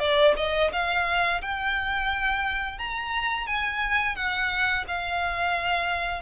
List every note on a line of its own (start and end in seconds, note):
0.00 0.34 D5
0.37 0.71 D#5
0.73 1.42 F5
1.42 2.79 G5
2.79 3.47 A#5
3.47 4.16 G#5
4.16 4.85 F#5
4.88 6.23 F5